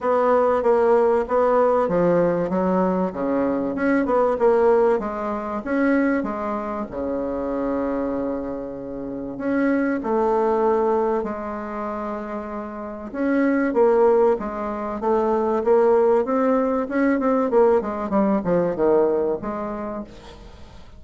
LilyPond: \new Staff \with { instrumentName = "bassoon" } { \time 4/4 \tempo 4 = 96 b4 ais4 b4 f4 | fis4 cis4 cis'8 b8 ais4 | gis4 cis'4 gis4 cis4~ | cis2. cis'4 |
a2 gis2~ | gis4 cis'4 ais4 gis4 | a4 ais4 c'4 cis'8 c'8 | ais8 gis8 g8 f8 dis4 gis4 | }